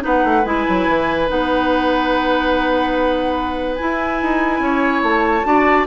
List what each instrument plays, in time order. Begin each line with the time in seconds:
0.00 bassoon B3, clarinet D#4, oboe B4, flute F#5
0.24 bassoon A3
0.45 bassoon G#3, clarinet E4, flute G#5
0.68 bassoon F#3
0.88 bassoon E3
1.27 bassoon B3, clarinet D#4, flute F#5
3.75 clarinet E4, bassoon E4, flute G#5
4.22 bassoon D#4
4.59 bassoon C#4, oboe C#5
5.03 bassoon A3, flute A5
5.44 bassoon D4, clarinet F#4, oboe D5